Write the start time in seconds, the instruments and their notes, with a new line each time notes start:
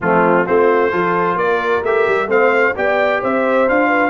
0.00 tuba F3, trombone A3, horn C4, trumpet F4
0.45 tuba A3, trombone C4, horn F4, trumpet C5
0.90 tuba F3, trombone F4, horn A4
1.35 tuba A#3, horn A#4, trumpet D5
1.83 tuba A3, trombone G4, trumpet E5
2.07 tuba G3
2.27 tuba A3, trombone C4, horn C5, trumpet F5
2.75 tuba B3, trombone G4, horn D5, trumpet G5
3.21 tuba C4, horn C5, trumpet E5
3.68 tuba D4, trombone F4, trumpet F5
3.88 horn B4